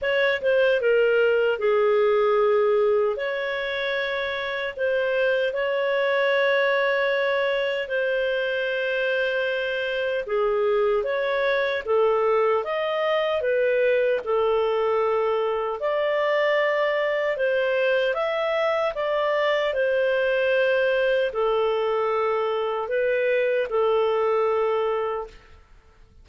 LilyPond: \new Staff \with { instrumentName = "clarinet" } { \time 4/4 \tempo 4 = 76 cis''8 c''8 ais'4 gis'2 | cis''2 c''4 cis''4~ | cis''2 c''2~ | c''4 gis'4 cis''4 a'4 |
dis''4 b'4 a'2 | d''2 c''4 e''4 | d''4 c''2 a'4~ | a'4 b'4 a'2 | }